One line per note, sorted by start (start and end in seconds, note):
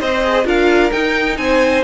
0.00 0.45 C4
0.00 0.45 C5
0.00 0.23 C5
0.00 0.47 D#5
0.23 0.44 G#4
0.44 0.91 D4
0.44 0.91 F4
0.44 1.38 A#4
0.44 0.91 F5
0.91 1.84 D#4
0.91 1.37 D#4
0.91 1.37 G5
1.37 1.84 C4
1.37 1.84 C5
1.37 1.83 G#5